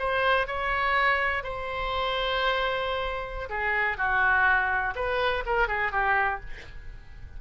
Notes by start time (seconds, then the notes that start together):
0.00 C5
0.48 C#5
1.44 C5
3.50 G#4
3.98 F#4
4.96 B4
5.46 A#4
5.68 G#4
5.92 G4